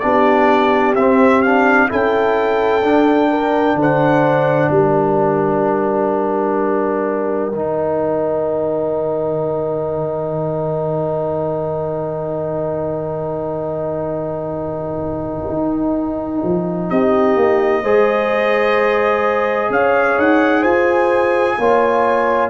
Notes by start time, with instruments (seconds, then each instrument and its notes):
0.00 tuba B3, trombone D4, horn G4, trumpet D5
0.95 tuba C4, trombone C4, trumpet E5
1.42 trombone D4, trumpet F5
1.89 tuba C#4, trombone E4, horn A4, trumpet G5
2.83 tuba D4, trombone D4
3.30 horn A#4
3.75 tuba D3, horn C5
3.82 trumpet F#5
4.71 tuba G3, horn A#4, trumpet G5
7.52 tuba D#3, trombone D#4
15.48 tuba D#4
16.44 tuba F3
16.90 tuba C4, horn G4, trumpet D#5
17.37 tuba A#3
17.83 tuba G#3, trombone G#4, horn C5
19.70 tuba C#4, horn C#5, trumpet F5
20.18 tuba D#4, trumpet F#5
20.62 tuba F4, horn C5, trumpet G#5
21.58 tuba A#3, trombone F4, horn C#5